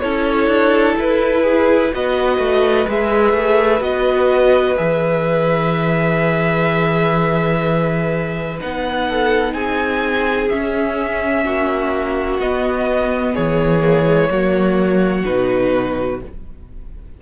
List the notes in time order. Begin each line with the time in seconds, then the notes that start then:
0.00 C#4 E4 A4 C#5
0.47 D4
0.98 E4 B4
1.42 G#4
1.91 B3 F#4 B4 D#5
2.38 A3
2.87 G#3 G#4 E5
3.33 A3
3.80 B3 F#4 D#5
4.77 E3 G#4 E5
8.59 B3 D#4 F#5
9.08 A4
9.54 C4 G#4 G#5
10.49 C#4 E5
11.44 A#3 F#4
12.39 B3 D#5
13.33 E3 G#4 C#5
13.80 A#3
14.06 G#3
14.29 F#3 A#3 F#4
15.25 B2 D#4 B4